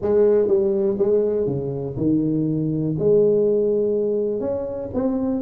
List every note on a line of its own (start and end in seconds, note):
0.01 0.47 G#3
0.47 0.96 G3
0.98 1.46 G#3
1.46 1.95 C#3
1.96 2.95 D#3
2.98 4.40 G#3
4.40 4.89 C#4
4.94 5.41 C4